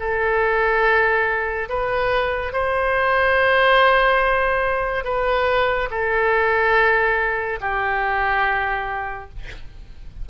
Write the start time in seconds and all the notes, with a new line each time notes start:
0.00 A4
1.69 B4
2.53 C5
5.05 B4
5.91 A4
7.61 G4